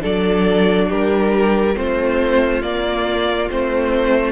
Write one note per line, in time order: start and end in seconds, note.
0.00 0.90 F#3
0.00 1.74 D4
0.00 0.88 A4
0.00 0.91 D5
0.88 1.76 G3
0.88 1.75 G4
0.88 1.78 A#4
1.76 2.63 A3
1.76 2.62 C4
1.76 4.32 F4
1.76 2.62 C5
2.62 3.50 A#3
2.62 3.49 D5
3.50 4.32 A3
3.50 4.32 C4
3.50 4.32 C5